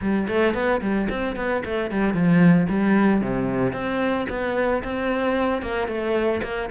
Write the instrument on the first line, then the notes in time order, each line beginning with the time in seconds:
cello
0.01 G3
0.28 A3
0.54 B3
0.81 G3
1.09 C4
1.36 B3
1.65 A3
1.90 G3
2.13 F3
2.69 G3
3.21 C3
3.73 C4
4.29 B3
4.83 C4
5.62 A#3
5.87 A3
6.43 A#3